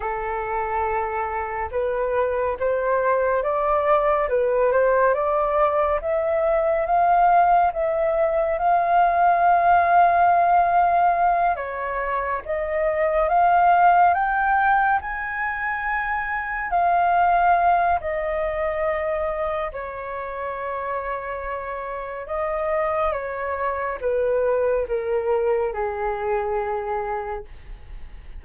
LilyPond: \new Staff \with { instrumentName = "flute" } { \time 4/4 \tempo 4 = 70 a'2 b'4 c''4 | d''4 b'8 c''8 d''4 e''4 | f''4 e''4 f''2~ | f''4. cis''4 dis''4 f''8~ |
f''8 g''4 gis''2 f''8~ | f''4 dis''2 cis''4~ | cis''2 dis''4 cis''4 | b'4 ais'4 gis'2 | }